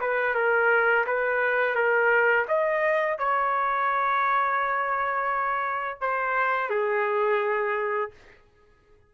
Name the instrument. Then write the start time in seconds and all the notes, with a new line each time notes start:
trumpet
0.00 B4
0.34 A#4
1.06 B4
1.75 A#4
2.48 D#5
3.18 C#5
6.00 C5
6.69 G#4